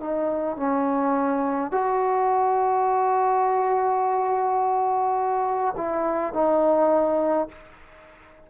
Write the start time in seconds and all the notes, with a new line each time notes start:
0.00 D#4
0.57 C#4
1.71 F#4
5.76 E4
6.33 D#4